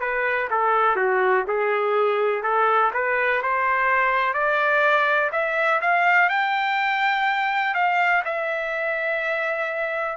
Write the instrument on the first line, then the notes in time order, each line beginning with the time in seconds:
trumpet
0.00 B4
0.50 A4
0.96 F#4
1.47 G#4
2.42 A4
2.93 B4
3.42 C5
4.33 D5
5.32 E5
5.81 F5
6.29 G5
7.74 F5
8.25 E5